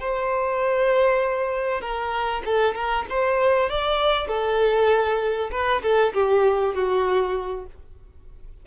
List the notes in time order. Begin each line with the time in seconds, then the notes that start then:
0.00 C5
1.81 A#4
2.45 A4
2.75 A#4
3.10 C5
3.70 D5
4.27 A4
5.51 B4
5.82 A4
6.14 G4
6.74 F#4